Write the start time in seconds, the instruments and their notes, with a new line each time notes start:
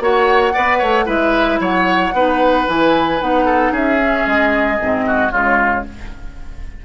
0.00 bassoon A#3, clarinet F#4, oboe C#5, flute F#5
0.53 bassoon B3, clarinet B4, oboe D5
0.78 bassoon A3, oboe C#5
1.06 bassoon G#3, clarinet E4, oboe B4, flute E5
1.60 bassoon F#3, oboe C#5, flute F#5
2.13 bassoon B3, clarinet D#4, oboe B4
2.68 bassoon E3, clarinet E4, flute G#5
3.20 bassoon B3, clarinet D#4, flute F#5
3.45 oboe A4
3.71 bassoon C#4, oboe G#4, flute E5
3.99 clarinet C#4
4.26 bassoon G#3, flute D#5
4.81 bassoon G#2, clarinet C4
5.07 oboe F#4
5.31 bassoon C#3, clarinet G#3, oboe F4, flute C#5